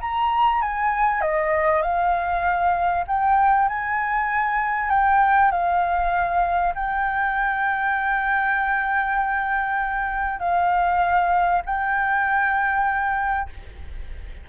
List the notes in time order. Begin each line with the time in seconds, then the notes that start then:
0.00 A#5
0.61 G#5
1.21 D#5
1.82 F5
3.07 G5
3.68 G#5
4.90 G5
5.51 F5
6.74 G5
10.39 F5
11.65 G5